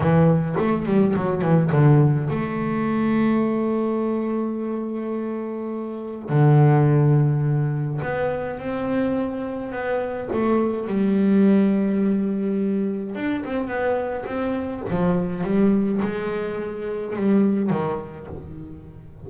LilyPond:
\new Staff \with { instrumentName = "double bass" } { \time 4/4 \tempo 4 = 105 e4 a8 g8 fis8 e8 d4 | a1~ | a2. d4~ | d2 b4 c'4~ |
c'4 b4 a4 g4~ | g2. d'8 c'8 | b4 c'4 f4 g4 | gis2 g4 dis4 | }